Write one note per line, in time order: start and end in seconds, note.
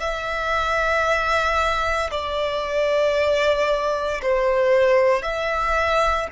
0.00 2.11 E5
2.11 4.22 D5
4.22 5.23 C5
5.23 6.28 E5